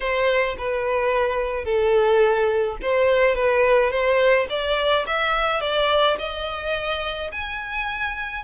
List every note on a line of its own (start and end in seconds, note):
0.00 0.56 C5
0.58 1.64 B4
1.64 2.77 A4
2.82 3.35 C5
3.35 3.90 B4
3.90 4.47 C5
4.49 5.05 D5
5.06 5.60 E5
5.60 6.17 D5
6.18 7.30 D#5
7.32 8.43 G#5